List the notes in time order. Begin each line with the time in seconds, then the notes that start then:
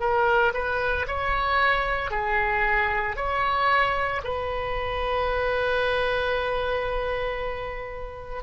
0.00 A#4
0.54 B4
1.07 C#5
2.11 G#4
3.16 C#5
4.23 B4